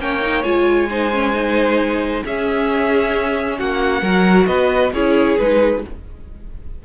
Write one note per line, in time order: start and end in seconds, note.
0.00 0.44 A#3
0.00 0.21 C#4
0.00 0.90 C#5
0.00 0.44 G5
0.21 0.44 D#4
0.44 2.23 G#3
0.44 0.89 F4
0.44 2.23 G#5
0.90 1.13 D#4
0.90 2.24 C5
1.13 1.34 C#4
1.34 2.23 D#4
2.24 3.60 C#4
2.24 4.03 C#4
2.24 3.58 G#4
2.24 3.59 E5
3.58 4.02 A#3
3.58 4.02 F#4
3.58 4.46 F#5
4.02 4.47 F#3
4.02 4.92 F#4
4.02 4.47 A#4
4.46 4.92 B3
4.46 4.93 B4
4.46 4.91 D#5
4.93 5.37 C#4
4.93 5.40 E4
4.93 5.83 G#4
4.93 5.38 C#5
5.38 5.84 G#3
5.38 5.85 D#4
5.38 5.83 B4